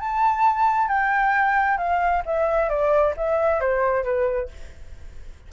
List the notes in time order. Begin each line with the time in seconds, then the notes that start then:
0.00 A5
0.88 G5
1.78 F5
2.25 E5
2.69 D5
3.17 E5
3.60 C5
4.04 B4